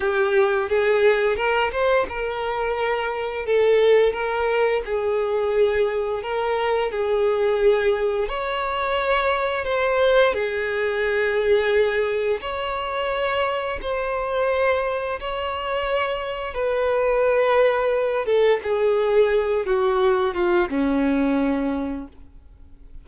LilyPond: \new Staff \with { instrumentName = "violin" } { \time 4/4 \tempo 4 = 87 g'4 gis'4 ais'8 c''8 ais'4~ | ais'4 a'4 ais'4 gis'4~ | gis'4 ais'4 gis'2 | cis''2 c''4 gis'4~ |
gis'2 cis''2 | c''2 cis''2 | b'2~ b'8 a'8 gis'4~ | gis'8 fis'4 f'8 cis'2 | }